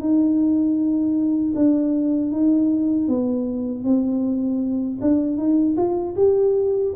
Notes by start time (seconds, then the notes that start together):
0.00 D#4
1.55 D4
2.31 D#4
3.08 B3
3.84 C4
5.01 D4
5.37 D#4
5.77 F4
6.16 G4